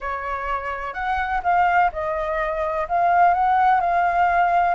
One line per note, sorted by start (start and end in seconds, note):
0.00 0.93 C#5
0.93 1.41 F#5
1.43 1.90 F5
1.92 2.87 D#5
2.88 3.34 F5
3.34 3.80 F#5
3.80 4.74 F5